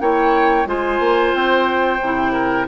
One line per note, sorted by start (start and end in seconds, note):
0.00 0.66 A#3
0.00 0.66 E4
0.00 0.68 C#5
0.00 0.67 G5
0.66 0.99 G#3
0.66 1.99 F4
0.66 2.32 C5
0.66 1.34 G#5
1.00 1.33 A#3
1.34 2.00 C4
1.34 2.68 G5
2.01 2.67 C3
2.01 2.68 E4
2.32 2.66 A#4